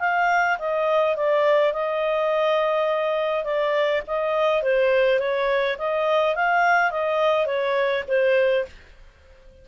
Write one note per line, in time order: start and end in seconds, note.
0.00 0.58 F5
0.59 1.16 D#5
1.16 1.73 D5
1.73 3.44 D#5
3.44 4.02 D5
4.07 4.63 D#5
4.63 5.19 C5
5.19 5.77 C#5
5.78 6.36 D#5
6.36 6.91 F5
6.91 7.46 D#5
7.46 8.04 C#5
8.08 8.65 C5